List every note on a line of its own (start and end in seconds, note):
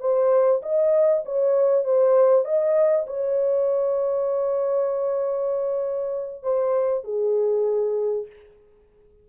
0.00 0.61 C5
0.63 1.24 D#5
1.25 1.85 C#5
1.85 2.45 C5
2.45 3.06 D#5
3.07 6.43 C#5
6.43 7.04 C5
7.04 8.27 G#4